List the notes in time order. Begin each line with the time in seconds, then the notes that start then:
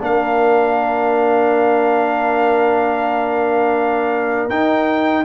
0.00 A#3 D4 A#4 F5
4.50 D#4 G5